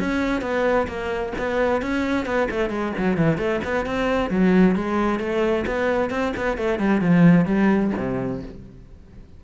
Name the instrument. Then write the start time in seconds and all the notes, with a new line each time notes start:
cello
0.00 C#4
0.42 B3
0.87 A#3
1.38 B3
1.82 C#4
2.26 B3
2.51 A3
2.70 G#3
2.98 F#3
3.17 E3
3.38 A3
3.64 B3
3.86 C4
4.30 F#3
4.75 G#3
5.20 A3
5.67 B3
6.10 C4
6.37 B3
6.57 A3
6.79 G3
7.01 F3
7.46 G3
7.97 C3